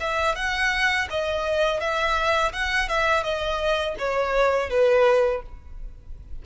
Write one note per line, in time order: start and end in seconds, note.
0.00 0.35 E5
0.35 1.07 F#5
1.10 1.80 D#5
1.80 2.52 E5
2.52 2.88 F#5
2.88 3.23 E5
3.23 3.95 D#5
3.98 4.70 C#5
4.70 5.42 B4